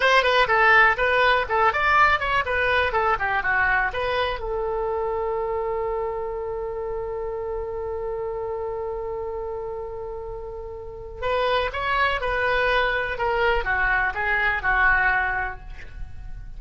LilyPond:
\new Staff \with { instrumentName = "oboe" } { \time 4/4 \tempo 4 = 123 c''8 b'8 a'4 b'4 a'8 d''8~ | d''8 cis''8 b'4 a'8 g'8 fis'4 | b'4 a'2.~ | a'1~ |
a'1~ | a'2. b'4 | cis''4 b'2 ais'4 | fis'4 gis'4 fis'2 | }